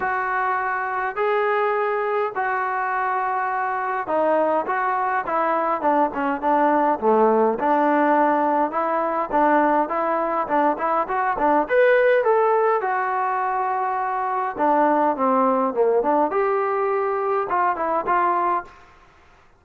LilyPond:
\new Staff \with { instrumentName = "trombone" } { \time 4/4 \tempo 4 = 103 fis'2 gis'2 | fis'2. dis'4 | fis'4 e'4 d'8 cis'8 d'4 | a4 d'2 e'4 |
d'4 e'4 d'8 e'8 fis'8 d'8 | b'4 a'4 fis'2~ | fis'4 d'4 c'4 ais8 d'8 | g'2 f'8 e'8 f'4 | }